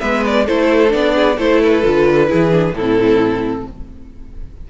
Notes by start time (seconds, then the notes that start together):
0.00 G#3 B3 B4 E5
0.26 D5
0.45 A3 E4 A4 C5
0.89 B3 D4 D5
1.15 G#4
1.37 A3 E4 A4 C5
1.62 B4
1.83 D3 F4
2.27 E3 E4 G#4
2.52 D4
2.72 A2 E4 A4
2.78 C4